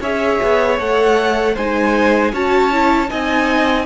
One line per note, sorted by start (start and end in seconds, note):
0.00 0.38 C#4
0.00 0.77 G#4
0.00 1.54 C#5
0.00 0.79 E5
0.42 0.79 B3
0.77 1.56 A3
0.77 1.54 A4
0.77 1.56 F#5
1.54 2.32 G#3
1.54 2.32 D#4
1.54 2.31 C5
1.54 2.34 G#5
2.32 3.09 C#4
2.32 2.71 F#4
2.32 3.09 C#5
2.32 3.10 A5
2.72 3.08 E4
3.08 3.86 C4
3.08 3.85 D#4
3.08 3.86 D#5
3.08 3.86 G#5